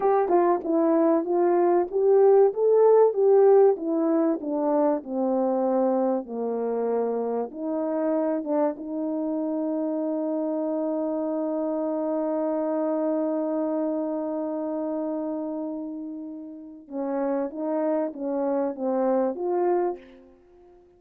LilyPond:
\new Staff \with { instrumentName = "horn" } { \time 4/4 \tempo 4 = 96 g'8 f'8 e'4 f'4 g'4 | a'4 g'4 e'4 d'4 | c'2 ais2 | dis'4. d'8 dis'2~ |
dis'1~ | dis'1~ | dis'2. cis'4 | dis'4 cis'4 c'4 f'4 | }